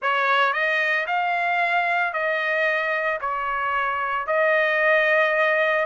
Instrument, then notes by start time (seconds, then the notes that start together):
trumpet
0.02 C#5
0.53 D#5
1.06 F5
2.13 D#5
3.21 C#5
4.26 D#5